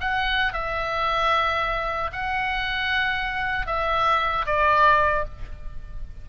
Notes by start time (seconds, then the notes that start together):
0.00 F#5
0.53 E5
2.12 F#5
3.66 E5
4.46 D5